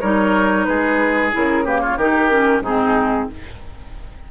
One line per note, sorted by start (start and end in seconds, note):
0.00 0.67 G3
0.00 1.32 D#4
0.00 0.65 A#4
0.00 0.65 C#5
0.65 1.33 G#3
0.65 1.65 G#4
0.65 1.30 B4
1.32 1.97 C#3
1.32 1.64 E4
1.32 1.65 A#4
1.65 1.98 A#3
1.65 1.81 G4
1.65 1.81 B4
1.81 1.97 F4
1.81 1.97 C#5
1.97 2.60 D#3
1.97 2.30 D#4
1.97 2.62 G4
1.97 2.62 A#4
2.30 2.62 C#4
2.60 3.26 G#2
2.60 3.31 C4
2.60 3.28 D#4
2.60 3.29 G#4